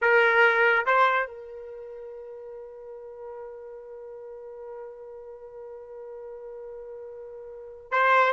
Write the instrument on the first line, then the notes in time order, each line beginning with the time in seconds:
trumpet
0.01 A#4
0.86 C5
1.27 A#4
7.91 C5